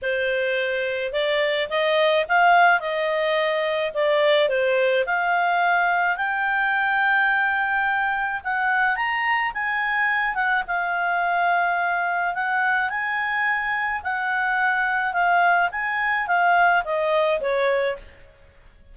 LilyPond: \new Staff \with { instrumentName = "clarinet" } { \time 4/4 \tempo 4 = 107 c''2 d''4 dis''4 | f''4 dis''2 d''4 | c''4 f''2 g''4~ | g''2. fis''4 |
ais''4 gis''4. fis''8 f''4~ | f''2 fis''4 gis''4~ | gis''4 fis''2 f''4 | gis''4 f''4 dis''4 cis''4 | }